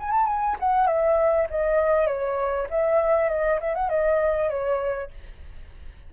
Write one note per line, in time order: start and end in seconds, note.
0.00 0.11 G#5
0.11 0.26 A5
0.26 0.57 G#5
0.60 0.87 F#5
0.87 1.48 E5
1.50 2.07 D#5
2.07 2.67 C#5
2.70 3.29 E5
3.29 3.60 D#5
3.61 3.75 E5
3.75 3.89 F#5
3.89 4.50 D#5
4.50 5.11 C#5